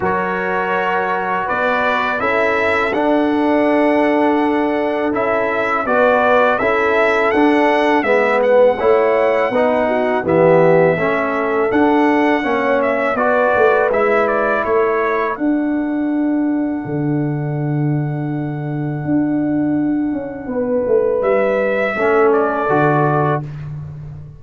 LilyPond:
<<
  \new Staff \with { instrumentName = "trumpet" } { \time 4/4 \tempo 4 = 82 cis''2 d''4 e''4 | fis''2. e''4 | d''4 e''4 fis''4 e''8 fis''8~ | fis''2 e''2 |
fis''4. e''8 d''4 e''8 d''8 | cis''4 fis''2.~ | fis''1~ | fis''4 e''4. d''4. | }
  \new Staff \with { instrumentName = "horn" } { \time 4/4 ais'2 b'4 a'4~ | a'1 | b'4 a'2 b'4 | cis''4 b'8 fis'8 g'4 a'4~ |
a'4 cis''4 b'2 | a'1~ | a'1 | b'2 a'2 | }
  \new Staff \with { instrumentName = "trombone" } { \time 4/4 fis'2. e'4 | d'2. e'4 | fis'4 e'4 d'4 b4 | e'4 dis'4 b4 cis'4 |
d'4 cis'4 fis'4 e'4~ | e'4 d'2.~ | d'1~ | d'2 cis'4 fis'4 | }
  \new Staff \with { instrumentName = "tuba" } { \time 4/4 fis2 b4 cis'4 | d'2. cis'4 | b4 cis'4 d'4 gis4 | a4 b4 e4 a4 |
d'4 ais4 b8 a8 gis4 | a4 d'2 d4~ | d2 d'4. cis'8 | b8 a8 g4 a4 d4 | }
>>